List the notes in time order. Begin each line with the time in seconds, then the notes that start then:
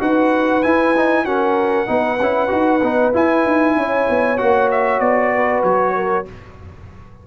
0.00 D#4 F#4 B4 F#5
0.63 E4 G#5
0.97 D#4
1.25 C#4 F#4 A#4 F#5
1.87 B3 D#4 B4
2.20 C#4 E4
2.48 D#4 F#4
2.83 B3 D#4
3.14 E4 G#5
3.46 D#4
3.77 C#4 C#5
4.10 B3
4.38 A#3 F#4 F#5
4.71 E5
5.00 B3 D5
5.35 B4
5.64 F#3 C#5
5.96 A#4